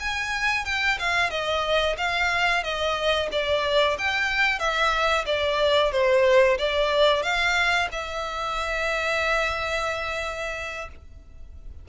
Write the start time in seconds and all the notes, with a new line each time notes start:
0.00 G#5
0.65 G5
0.99 F5
1.30 D#5
1.98 F5
2.63 D#5
3.32 D5
3.98 G5
4.59 E5
5.26 D5
5.92 C5
6.58 D5
7.23 F5
7.92 E5